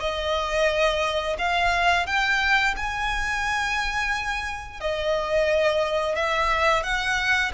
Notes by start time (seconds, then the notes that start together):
0.00 D#5
1.39 F5
2.06 G5
2.76 G#5
4.80 D#5
6.15 E5
6.83 F#5